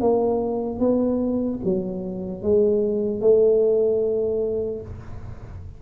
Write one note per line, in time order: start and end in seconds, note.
0.00 0.79 A#3
0.79 1.59 B3
1.64 2.43 F#3
2.43 3.21 G#3
3.21 4.81 A3